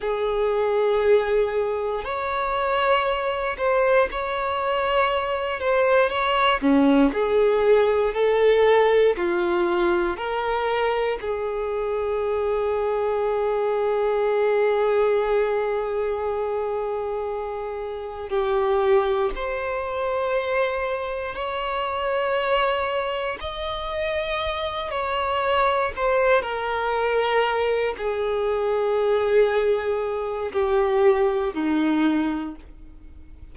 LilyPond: \new Staff \with { instrumentName = "violin" } { \time 4/4 \tempo 4 = 59 gis'2 cis''4. c''8 | cis''4. c''8 cis''8 cis'8 gis'4 | a'4 f'4 ais'4 gis'4~ | gis'1~ |
gis'2 g'4 c''4~ | c''4 cis''2 dis''4~ | dis''8 cis''4 c''8 ais'4. gis'8~ | gis'2 g'4 dis'4 | }